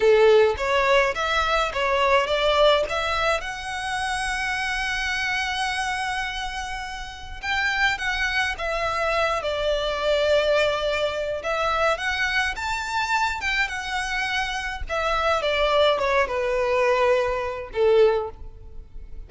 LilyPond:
\new Staff \with { instrumentName = "violin" } { \time 4/4 \tempo 4 = 105 a'4 cis''4 e''4 cis''4 | d''4 e''4 fis''2~ | fis''1~ | fis''4 g''4 fis''4 e''4~ |
e''8 d''2.~ d''8 | e''4 fis''4 a''4. g''8 | fis''2 e''4 d''4 | cis''8 b'2~ b'8 a'4 | }